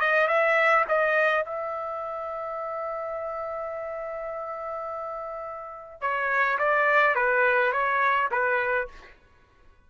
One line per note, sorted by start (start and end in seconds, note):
0.00 0.28 D#5
0.28 0.85 E5
0.88 1.45 D#5
1.45 6.01 E5
6.01 6.58 C#5
6.58 7.15 D5
7.15 7.72 B4
7.73 8.30 C#5
8.31 8.88 B4